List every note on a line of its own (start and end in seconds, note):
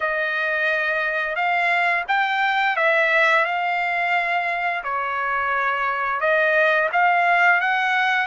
0.00 1.35 D#5
1.35 2.04 F5
2.08 2.76 G5
2.76 3.45 E5
3.45 4.83 F5
4.83 6.20 C#5
6.20 6.89 D#5
6.92 7.60 F5
7.60 8.26 F#5